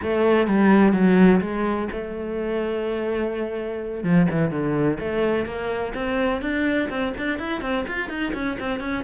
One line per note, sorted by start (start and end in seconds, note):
0.02 0.47 A3
0.47 0.93 G3
0.93 1.40 F#3
1.40 1.88 G#3
1.91 4.03 A3
4.03 4.27 F3
4.31 4.50 E3
4.50 4.98 D3
4.99 5.45 A3
5.45 5.93 A#3
5.94 6.41 C4
6.41 6.89 D4
6.89 7.13 C4
7.17 7.38 D4
7.38 7.61 E4
7.61 7.85 C4
7.87 8.09 F4
8.09 8.32 D#4
8.34 8.57 C#4
8.59 8.80 C4
8.80 9.03 C#4